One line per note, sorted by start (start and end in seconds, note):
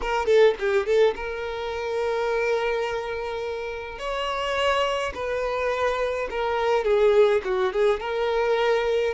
0.01 0.26 A#4
0.26 0.54 A4
0.59 0.85 G4
0.85 1.14 A4
1.15 3.98 A#4
3.98 5.12 C#5
5.14 6.28 B4
6.30 6.84 A#4
6.84 7.41 G#4
7.44 7.72 F#4
7.72 7.99 G#4
7.99 9.14 A#4